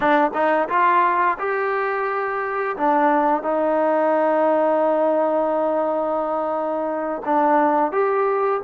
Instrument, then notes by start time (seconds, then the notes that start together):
trombone
0.00 D4
0.34 D#4
0.68 F4
1.38 G4
2.76 D4
3.42 D#4
7.25 D4
7.92 G4